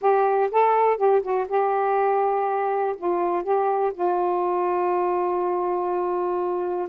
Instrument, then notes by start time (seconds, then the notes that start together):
saxophone
0.01 G4
0.51 A4
0.97 G4
1.22 F#4
1.48 G4
2.97 F4
3.43 G4
3.93 F4